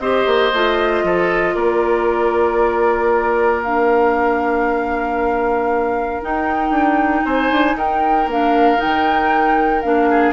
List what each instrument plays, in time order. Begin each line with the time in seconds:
0.00 bassoon C4, clarinet G4, oboe C5, flute D#5
0.26 bassoon A#3
0.53 bassoon A3, clarinet F4
1.04 bassoon F3, oboe A4
1.55 bassoon A#3, oboe A#4, flute D5
3.64 clarinet D4, flute F5
6.23 clarinet D#4, bassoon D#4, flute G5
6.71 bassoon D4
7.25 bassoon C4, oboe C5, flute G#5
7.51 bassoon D4
7.75 bassoon D#4, oboe A#4, flute G5
8.27 bassoon A#3, clarinet D4, flute F5
8.77 clarinet D#4, flute G5
8.84 bassoon D#3
9.82 bassoon A#3, clarinet D4, flute F5
10.10 oboe G#4